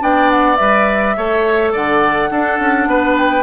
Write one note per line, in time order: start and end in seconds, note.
0.00 0.59 B3
0.00 0.57 D4
0.00 1.17 D5
0.00 0.31 G5
0.31 0.56 F#5
0.56 1.17 G3
0.56 1.16 B4
0.56 1.71 E5
1.17 1.74 A3
1.17 2.30 A4
1.17 1.73 C#5
1.73 2.31 D3
1.73 2.30 D5
1.73 3.17 F#5
2.30 3.43 D4
2.30 2.60 D4
2.30 2.88 A4
2.60 2.87 C#4
2.87 3.43 B3
2.87 3.43 B4
3.17 3.43 G5